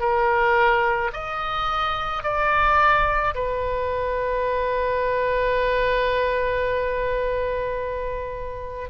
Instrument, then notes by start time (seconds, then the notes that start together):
oboe
0.00 A#4
1.14 D#5
2.23 D5
3.35 B4